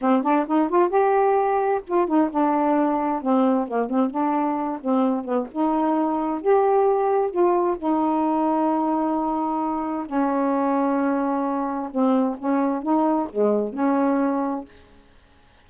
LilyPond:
\new Staff \with { instrumentName = "saxophone" } { \time 4/4 \tempo 4 = 131 c'8 d'8 dis'8 f'8 g'2 | f'8 dis'8 d'2 c'4 | ais8 c'8 d'4. c'4 b8 | dis'2 g'2 |
f'4 dis'2.~ | dis'2 cis'2~ | cis'2 c'4 cis'4 | dis'4 gis4 cis'2 | }